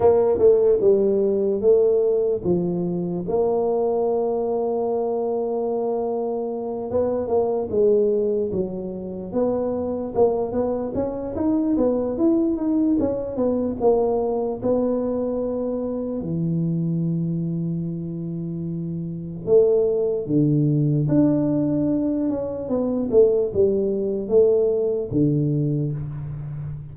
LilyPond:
\new Staff \with { instrumentName = "tuba" } { \time 4/4 \tempo 4 = 74 ais8 a8 g4 a4 f4 | ais1~ | ais8 b8 ais8 gis4 fis4 b8~ | b8 ais8 b8 cis'8 dis'8 b8 e'8 dis'8 |
cis'8 b8 ais4 b2 | e1 | a4 d4 d'4. cis'8 | b8 a8 g4 a4 d4 | }